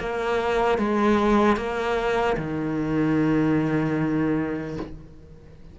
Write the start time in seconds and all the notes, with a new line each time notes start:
0.00 A#3
0.79 G#3
1.57 A#3
2.37 D#3